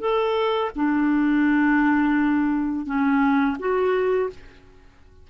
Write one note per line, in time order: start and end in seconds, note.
0.00 0.71 A4
0.75 2.86 D4
2.86 3.56 C#4
3.59 4.30 F#4